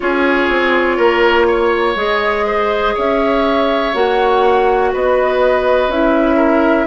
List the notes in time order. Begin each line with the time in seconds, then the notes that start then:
0.00 C#4 F4 G#4 C#5
0.49 C4
0.97 A#3 A#4
1.47 C#5
1.95 G#3 G#4 D#5
2.46 C5
2.94 C#4 C#5 E5
3.93 A#3 F#4 F#5
4.92 B3 B4 D#5
5.87 C#4 E4 E5
6.36 A#4